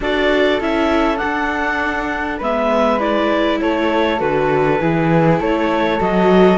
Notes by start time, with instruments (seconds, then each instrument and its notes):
0.00 cello D4, viola F#4, flute A4, clarinet D5
0.60 cello C#4, viola E4, clarinet E5
1.17 viola D4, clarinet F#5
1.23 cello D4
2.38 cello G#3, viola B3, flute B4, clarinet E5
2.99 viola E4, clarinet D5
3.60 cello A3, flute A4, clarinet C#5
4.17 cello D3, viola F#4, clarinet B4
4.80 cello E3, viola E4, flute G#4
5.39 cello A3, flute A4, clarinet C#5
5.99 cello F#3, viola F#4, clarinet D#5